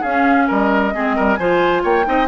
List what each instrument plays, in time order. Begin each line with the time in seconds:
0.00 bassoon C#4, clarinet C#4, oboe G#4, flute F5
0.47 bassoon G3, oboe A#4, flute D#5
0.93 bassoon G#3, clarinet C4, oboe G#4
1.15 bassoon G3, oboe A#4
1.35 bassoon F3, clarinet F4, oboe C5, flute G#5
1.82 bassoon A#3, oboe C#5, flute G5
2.04 bassoon C4, clarinet D#4, oboe D#5